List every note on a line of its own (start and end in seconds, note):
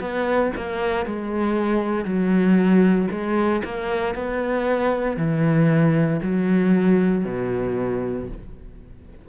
0.00 0.52 B3
0.56 1.05 A#3
1.05 2.05 G#3
2.05 3.08 F#3
3.10 3.62 G#3
3.64 4.15 A#3
4.15 5.17 B3
5.17 6.20 E3
6.22 7.25 F#3
7.25 8.28 B2